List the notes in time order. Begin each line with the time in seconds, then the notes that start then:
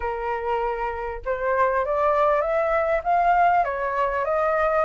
0.00 A#4
1.25 C5
1.85 D5
2.41 E5
3.03 F5
3.64 C#5
4.25 D#5